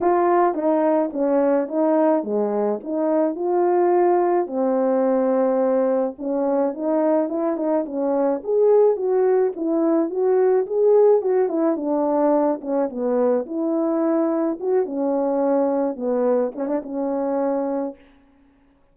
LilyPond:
\new Staff \with { instrumentName = "horn" } { \time 4/4 \tempo 4 = 107 f'4 dis'4 cis'4 dis'4 | gis4 dis'4 f'2 | c'2. cis'4 | dis'4 e'8 dis'8 cis'4 gis'4 |
fis'4 e'4 fis'4 gis'4 | fis'8 e'8 d'4. cis'8 b4 | e'2 fis'8 cis'4.~ | cis'8 b4 cis'16 d'16 cis'2 | }